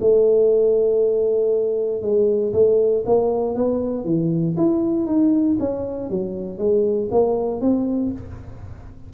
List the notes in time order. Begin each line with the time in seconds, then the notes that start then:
0.00 A3
2.02 G#3
2.53 A3
3.05 A#3
3.55 B3
4.04 E3
4.57 E4
5.06 D#4
5.59 C#4
6.09 F#3
6.58 G#3
7.10 A#3
7.61 C4